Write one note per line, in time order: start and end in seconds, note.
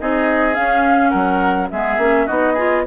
0.00 0.57 C4
0.00 0.54 D#4
0.00 1.10 G#4
0.00 0.54 D#5
0.54 1.69 C#4
0.54 1.13 C#4
0.54 1.10 F5
1.10 1.71 F#3
1.10 1.68 A#4
1.10 1.67 F#5
1.71 1.97 G#3
1.71 2.00 B3
1.71 2.26 G#4
1.71 2.27 E5
1.97 2.26 A#3
1.97 2.28 C#4
2.26 2.86 B3
2.26 2.57 D#4
2.26 2.53 F#4
2.26 2.84 D#5
2.53 2.86 F4
2.53 2.82 G#4